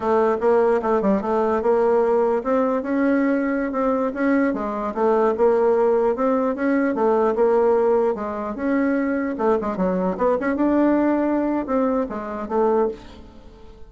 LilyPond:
\new Staff \with { instrumentName = "bassoon" } { \time 4/4 \tempo 4 = 149 a4 ais4 a8 g8 a4 | ais2 c'4 cis'4~ | cis'4~ cis'16 c'4 cis'4 gis8.~ | gis16 a4 ais2 c'8.~ |
c'16 cis'4 a4 ais4.~ ais16~ | ais16 gis4 cis'2 a8 gis16~ | gis16 fis4 b8 cis'8 d'4.~ d'16~ | d'4 c'4 gis4 a4 | }